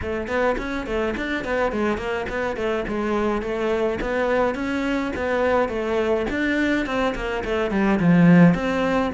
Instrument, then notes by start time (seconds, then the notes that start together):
cello
0.01 A3
0.27 B3
0.57 C#4
0.86 A3
1.17 D4
1.44 B3
1.71 G#3
1.97 A#3
2.29 B3
2.56 A3
2.88 G#3
3.42 A3
4.00 B3
4.55 C#4
5.16 B3
5.68 A3
6.30 D4
6.86 C4
7.15 A#3
7.44 A3
7.70 G3
7.99 F3
8.54 C4